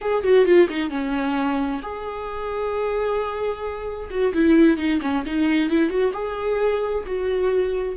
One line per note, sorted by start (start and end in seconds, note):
0.01 0.23 G#4
0.23 0.45 F#4
0.45 0.67 F4
0.69 0.89 D#4
0.89 1.80 C#4
1.82 4.09 G#4
4.10 4.33 F#4
4.33 4.77 E4
4.77 5.00 D#4
5.01 5.24 C#4
5.26 5.70 D#4
5.70 5.89 E4
5.89 6.12 F#4
6.13 7.04 G#4
7.06 7.97 F#4